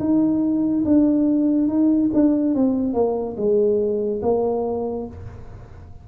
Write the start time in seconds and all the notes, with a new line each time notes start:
0.00 D#4
0.85 D4
1.69 D#4
2.14 D4
2.55 C4
2.94 A#3
3.37 G#3
4.23 A#3